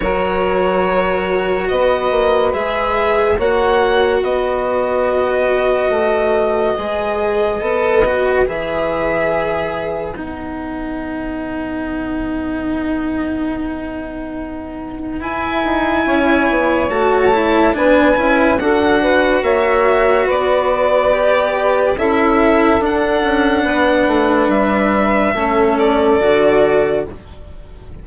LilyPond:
<<
  \new Staff \with { instrumentName = "violin" } { \time 4/4 \tempo 4 = 71 cis''2 dis''4 e''4 | fis''4 dis''2.~ | dis''2 e''2 | fis''1~ |
fis''2 gis''2 | a''4 gis''4 fis''4 e''4 | d''2 e''4 fis''4~ | fis''4 e''4. d''4. | }
  \new Staff \with { instrumentName = "saxophone" } { \time 4/4 ais'2 b'2 | cis''4 b'2.~ | b'1~ | b'1~ |
b'2. cis''4~ | cis''4 b'4 a'8 b'8 cis''4 | b'2 a'2 | b'2 a'2 | }
  \new Staff \with { instrumentName = "cello" } { \time 4/4 fis'2. gis'4 | fis'1 | gis'4 a'8 fis'8 gis'2 | dis'1~ |
dis'2 e'2 | fis'8 e'8 d'8 e'8 fis'2~ | fis'4 g'4 e'4 d'4~ | d'2 cis'4 fis'4 | }
  \new Staff \with { instrumentName = "bassoon" } { \time 4/4 fis2 b8 ais8 gis4 | ais4 b2 a4 | gis4 b4 e2 | b1~ |
b2 e'8 dis'8 cis'8 b8 | a4 b8 cis'8 d'4 ais4 | b2 cis'4 d'8 cis'8 | b8 a8 g4 a4 d4 | }
>>